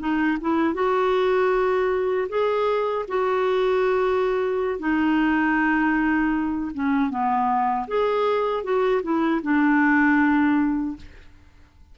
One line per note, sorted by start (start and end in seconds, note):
0.00 0.38 D#4
0.41 0.74 E4
0.74 2.28 F#4
2.29 3.06 G#4
3.08 4.79 F#4
4.79 6.72 D#4
6.74 7.10 C#4
7.10 7.87 B3
7.88 8.64 G#4
8.64 9.02 F#4
9.03 9.42 E4
9.43 10.96 D4